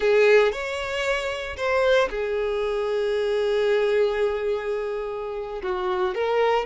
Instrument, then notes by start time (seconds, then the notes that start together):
violin
0.00 G#4
0.52 C#5
1.56 C5
2.10 G#4
5.62 F#4
6.14 A#4